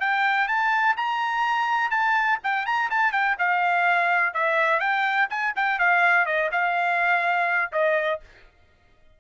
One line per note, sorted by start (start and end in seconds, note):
0.00 0.48 G5
0.48 0.96 A5
0.96 1.90 A#5
1.90 2.38 A5
2.43 2.66 G5
2.66 2.90 A#5
2.90 3.12 A5
3.12 3.36 G5
3.38 4.34 F5
4.34 4.80 E5
4.80 5.28 G5
5.30 5.54 G#5
5.55 5.79 G5
5.79 6.26 F5
6.26 6.50 D#5
6.51 7.71 F5
7.72 8.20 D#5